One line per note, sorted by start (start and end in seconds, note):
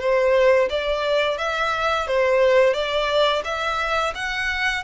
0.00 0.69 C5
0.70 1.38 D5
1.38 2.07 E5
2.07 2.74 C5
2.74 3.43 D5
3.45 4.14 E5
4.15 4.84 F#5